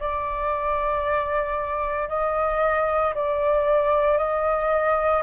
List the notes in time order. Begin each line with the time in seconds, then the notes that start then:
0.00 D5
2.09 D#5
3.14 D5
4.18 D#5